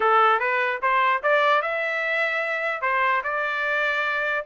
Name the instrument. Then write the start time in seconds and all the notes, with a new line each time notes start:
trumpet
0.00 A4
0.39 B4
0.81 C5
1.22 D5
1.61 E5
2.81 C5
3.23 D5